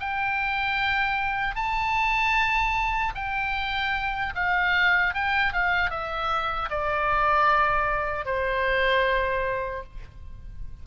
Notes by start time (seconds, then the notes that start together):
0.00 G5
1.55 A5
3.15 G5
4.35 F5
5.14 G5
5.53 F5
5.90 E5
6.70 D5
8.25 C5